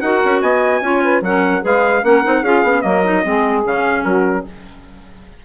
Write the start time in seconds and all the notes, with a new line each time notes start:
0.00 D#4 F#4 A#4 F#5
0.24 C#4
0.41 B3 D#5 G#5
0.80 C#4 F4 C#5
1.03 B4
1.21 F#3 C#4 A#4 F#5
1.61 G#3 G#4 B4 F5
2.03 A#3 C#4 A#4 F#5
2.23 C4 D#4
2.40 C#4 F4 G#4 F5
2.63 B3 C#4
2.81 F#3 A#3 A#4 D#5
3.04 D#4
3.22 G#3 C4 G#4
3.64 C#3 C#4 F5
4.03 F#3 F#4 A#4